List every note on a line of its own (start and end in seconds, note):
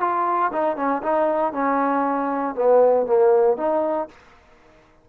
0.00 0.51 F4
0.52 0.76 D#4
0.76 1.02 C#4
1.02 1.52 D#4
1.52 2.55 C#4
2.55 3.06 B3
3.06 3.57 A#3
3.57 4.08 D#4